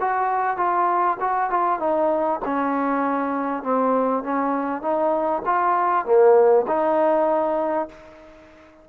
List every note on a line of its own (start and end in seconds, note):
0.00 0.56 F#4
0.56 1.17 F4
1.20 1.50 F#4
1.50 1.79 F4
1.79 2.40 D#4
2.45 3.63 C#4
3.63 4.23 C4
4.23 4.82 C#4
4.82 5.42 D#4
5.45 6.05 F4
6.05 6.66 A#3
6.67 7.88 D#4